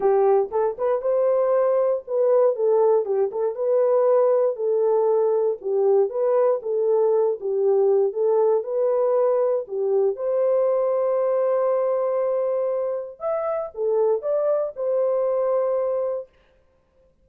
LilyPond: \new Staff \with { instrumentName = "horn" } { \time 4/4 \tempo 4 = 118 g'4 a'8 b'8 c''2 | b'4 a'4 g'8 a'8 b'4~ | b'4 a'2 g'4 | b'4 a'4. g'4. |
a'4 b'2 g'4 | c''1~ | c''2 e''4 a'4 | d''4 c''2. | }